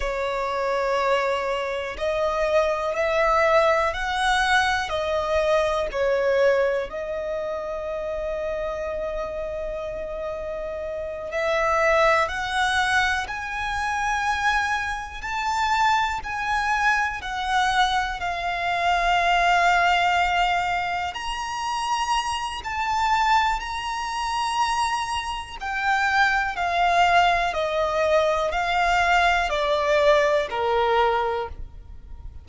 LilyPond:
\new Staff \with { instrumentName = "violin" } { \time 4/4 \tempo 4 = 61 cis''2 dis''4 e''4 | fis''4 dis''4 cis''4 dis''4~ | dis''2.~ dis''8 e''8~ | e''8 fis''4 gis''2 a''8~ |
a''8 gis''4 fis''4 f''4.~ | f''4. ais''4. a''4 | ais''2 g''4 f''4 | dis''4 f''4 d''4 ais'4 | }